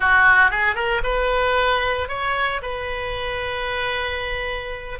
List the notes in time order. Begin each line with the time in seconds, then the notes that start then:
0.00 F#4
0.50 G#4
0.75 A#4
1.03 B4
2.08 C#5
2.62 B4